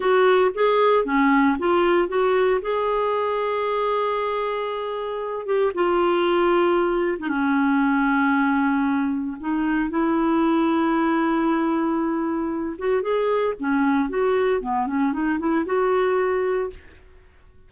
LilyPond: \new Staff \with { instrumentName = "clarinet" } { \time 4/4 \tempo 4 = 115 fis'4 gis'4 cis'4 f'4 | fis'4 gis'2.~ | gis'2~ gis'8 g'8 f'4~ | f'4.~ f'16 dis'16 cis'2~ |
cis'2 dis'4 e'4~ | e'1~ | e'8 fis'8 gis'4 cis'4 fis'4 | b8 cis'8 dis'8 e'8 fis'2 | }